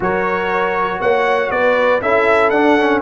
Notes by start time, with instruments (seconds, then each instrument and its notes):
0.00 tuba F#3, trombone F#4, horn A#4, trumpet C#5
1.00 tuba A#3, horn C#5, trumpet F#5
1.50 tuba B3, horn B4, trumpet D5
2.01 tuba C#4, trombone E4, horn A4, trumpet E5
2.50 tuba D4, trombone D4, trumpet F#5
2.78 trombone C#4